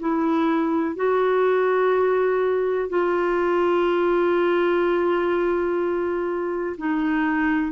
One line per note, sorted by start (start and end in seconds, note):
0.00 0.96 E4
0.96 2.89 F#4
2.90 6.77 F4
6.78 7.72 D#4